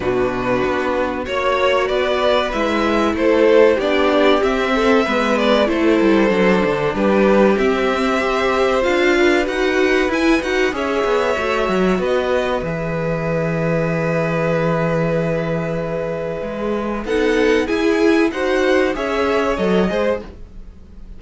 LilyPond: <<
  \new Staff \with { instrumentName = "violin" } { \time 4/4 \tempo 4 = 95 b'2 cis''4 d''4 | e''4 c''4 d''4 e''4~ | e''8 d''8 c''2 b'4 | e''2 f''4 fis''4 |
gis''8 fis''8 e''2 dis''4 | e''1~ | e''2. fis''4 | gis''4 fis''4 e''4 dis''4 | }
  \new Staff \with { instrumentName = "violin" } { \time 4/4 fis'2 cis''4 b'4~ | b'4 a'4 g'4. a'8 | b'4 a'2 g'4~ | g'4 c''4. b'4.~ |
b'4 cis''2 b'4~ | b'1~ | b'2. a'4 | gis'4 c''4 cis''4. c''8 | }
  \new Staff \with { instrumentName = "viola" } { \time 4/4 d'2 fis'2 | e'2 d'4 c'4 | b4 e'4 d'2 | c'4 g'4 f'4 fis'4 |
e'8 fis'8 gis'4 fis'2 | gis'1~ | gis'2. dis'4 | e'4 fis'4 gis'4 a'8 gis'8 | }
  \new Staff \with { instrumentName = "cello" } { \time 4/4 b,4 b4 ais4 b4 | gis4 a4 b4 c'4 | gis4 a8 g8 fis8 d8 g4 | c'2 d'4 dis'4 |
e'8 dis'8 cis'8 b8 a8 fis8 b4 | e1~ | e2 gis4 b4 | e'4 dis'4 cis'4 fis8 gis8 | }
>>